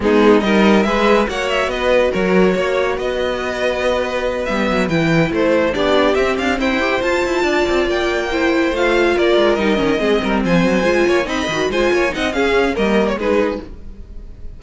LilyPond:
<<
  \new Staff \with { instrumentName = "violin" } { \time 4/4 \tempo 4 = 141 gis'4 dis''4 e''4 fis''8 e''8 | dis''4 cis''2 dis''4~ | dis''2~ dis''8 e''4 g''8~ | g''8 c''4 d''4 e''8 f''8 g''8~ |
g''8 a''2 g''4.~ | g''8 f''4 d''4 dis''4.~ | dis''8 gis''2 b''4 gis''8~ | gis''8 fis''8 f''4 dis''8. cis''16 b'4 | }
  \new Staff \with { instrumentName = "violin" } { \time 4/4 dis'4 ais'4 b'4 cis''4 | b'4 ais'4 cis''4 b'4~ | b'1~ | b'8 a'4 g'2 c''8~ |
c''4. d''2 c''8~ | c''4. ais'2 gis'8 | ais'8 c''4. cis''8 dis''4 c''8 | cis''8 dis''8 gis'4 ais'4 gis'4 | }
  \new Staff \with { instrumentName = "viola" } { \time 4/4 b4 dis'4 gis'4 fis'4~ | fis'1~ | fis'2~ fis'8 b4 e'8~ | e'4. d'4 c'4. |
g'8 f'2. e'8~ | e'8 f'2 dis'8 cis'8 c'8~ | c'4. f'4 dis'8 fis'8 f'8~ | f'8 dis'8 cis'4 ais4 dis'4 | }
  \new Staff \with { instrumentName = "cello" } { \time 4/4 gis4 g4 gis4 ais4 | b4 fis4 ais4 b4~ | b2~ b8 g8 fis8 e8~ | e8 a4 b4 c'8 d'8 e'8~ |
e'8 f'8 e'8 d'8 c'8 ais4.~ | ais8 a4 ais8 gis8 g8 dis8 gis8 | g8 f8 fis8 gis8 ais8 c'8 dis8 gis8 | ais8 c'8 cis'4 g4 gis4 | }
>>